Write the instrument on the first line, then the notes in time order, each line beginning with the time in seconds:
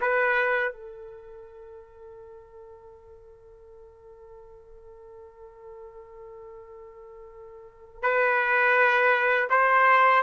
trumpet
0.00 B4
0.72 A4
8.02 B4
9.49 C5